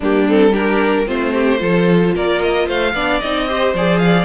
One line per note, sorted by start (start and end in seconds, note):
0.00 1.08 G3
0.00 0.28 A#3
0.00 0.52 D4
0.00 0.29 G4
0.28 0.52 C4
0.28 0.55 A4
0.52 1.06 D4
0.52 1.05 G4
0.52 1.07 A#4
1.06 1.61 A3
1.06 1.58 C4
1.06 1.33 F4
1.06 2.15 C5
1.33 1.60 G4
1.58 2.14 F3
1.58 2.92 F4
1.58 2.14 A4
2.14 2.68 A#3
2.14 2.66 A#4
2.14 2.41 D5
2.41 2.68 D#5
2.66 2.93 A3
2.66 2.93 C5
2.66 3.20 F5
2.93 3.19 B3
2.93 3.22 D4
2.93 3.47 D5
3.20 3.74 C4
3.20 3.48 D#4
3.20 3.73 D#5
3.47 3.75 G4
3.47 4.01 C5
3.74 4.25 F3
3.74 4.25 G#4
3.74 3.98 D5
3.98 4.25 F5
4.05 4.25 D5